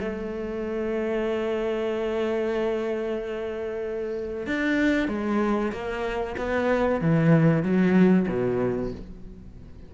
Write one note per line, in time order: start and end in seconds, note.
0.00 4.47 A3
4.47 5.08 D4
5.08 5.72 G#3
5.72 6.36 A#3
6.38 7.01 B3
7.01 7.63 E3
7.63 8.27 F#3
8.28 8.92 B2